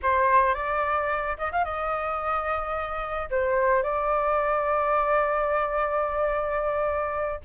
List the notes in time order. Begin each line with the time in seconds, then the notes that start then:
0.02 C5
0.54 D5
1.38 D#5
1.52 F5
1.64 D#5
3.30 C5
3.82 D5